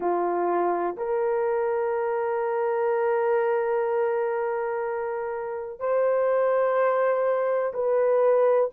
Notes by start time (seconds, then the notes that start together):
0.00 F4
0.96 A#4
5.79 C5
7.73 B4